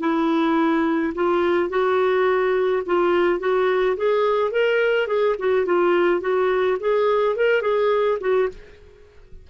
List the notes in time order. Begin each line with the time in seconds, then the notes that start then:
0.00 E4
1.15 F4
1.69 F#4
2.86 F4
3.40 F#4
3.96 G#4
4.51 A#4
5.07 G#4
5.39 F#4
5.66 F4
6.21 F#4
6.80 G#4
7.36 A#4
7.62 G#4
8.20 F#4